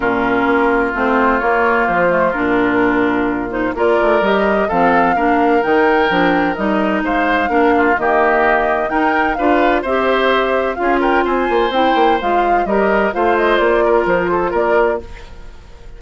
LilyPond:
<<
  \new Staff \with { instrumentName = "flute" } { \time 4/4 \tempo 4 = 128 ais'2 c''4 cis''4 | c''4 ais'2~ ais'8 c''8 | d''4 dis''4 f''2 | g''2 dis''4 f''4~ |
f''4 dis''2 g''4 | f''4 e''2 f''8 g''8 | gis''4 g''4 f''4 dis''4 | f''8 dis''8 d''4 c''4 d''4 | }
  \new Staff \with { instrumentName = "oboe" } { \time 4/4 f'1~ | f'1 | ais'2 a'4 ais'4~ | ais'2. c''4 |
ais'8 f'8 g'2 ais'4 | b'4 c''2 gis'8 ais'8 | c''2. ais'4 | c''4. ais'4 a'8 ais'4 | }
  \new Staff \with { instrumentName = "clarinet" } { \time 4/4 cis'2 c'4 ais4~ | ais8 a8 d'2~ d'8 dis'8 | f'4 g'4 c'4 d'4 | dis'4 d'4 dis'2 |
d'4 ais2 dis'4 | f'4 g'2 f'4~ | f'4 e'4 f'4 g'4 | f'1 | }
  \new Staff \with { instrumentName = "bassoon" } { \time 4/4 ais,4 ais4 a4 ais4 | f4 ais,2. | ais8 a8 g4 f4 ais4 | dis4 f4 g4 gis4 |
ais4 dis2 dis'4 | d'4 c'2 cis'4 | c'8 ais8 c'8 ais8 gis4 g4 | a4 ais4 f4 ais4 | }
>>